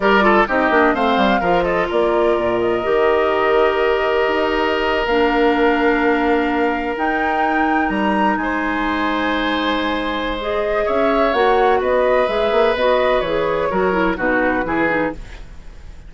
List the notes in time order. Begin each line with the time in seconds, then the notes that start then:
0.00 G3 G4 A#4 D5
0.21 F4 A4
0.47 C4 D#4 G4 D#5
0.70 A#3 D4
0.94 A3 C4 C5 F5
1.17 G3
1.40 F3 F4 A#4
1.63 A4 D#5
1.88 A#3 A#4 D5
2.36 A#2
2.59 D#5
2.82 D#3 G4
4.27 D#4
5.05 A#3 D4 F5
6.95 D#4 G5
7.89 G3 A#5
8.37 G#3 C5 G#5
10.40 G#4 D#5
10.85 C#4 C#5 E5
11.33 A#3 F#4 F#5
11.80 B3 B4 D#5
12.27 G#3 G#4 E5
12.51 A#3
12.74 B3 F#4 D#5
13.20 E3 G#4 C#5
13.70 F#3 F#4 A#4
13.92 E4
14.17 B2 D#4 F#4 B4
14.64 E3 E4 G#4
14.88 D#4